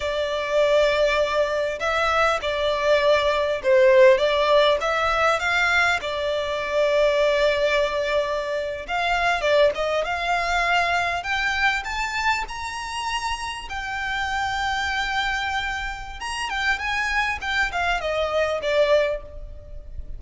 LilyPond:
\new Staff \with { instrumentName = "violin" } { \time 4/4 \tempo 4 = 100 d''2. e''4 | d''2 c''4 d''4 | e''4 f''4 d''2~ | d''2~ d''8. f''4 d''16~ |
d''16 dis''8 f''2 g''4 a''16~ | a''8. ais''2 g''4~ g''16~ | g''2. ais''8 g''8 | gis''4 g''8 f''8 dis''4 d''4 | }